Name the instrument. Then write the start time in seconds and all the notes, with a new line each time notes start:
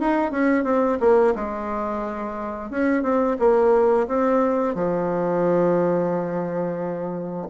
bassoon
0.00 D#4
0.31 C#4
0.64 C4
1.00 A#3
1.35 G#3
2.71 C#4
3.03 C4
3.39 A#3
4.08 C4
4.75 F3